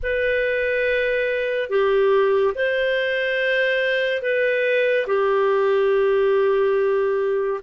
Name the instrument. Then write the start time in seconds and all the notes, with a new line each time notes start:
clarinet
0.02 B4
1.69 G4
2.55 C5
4.22 B4
5.06 G4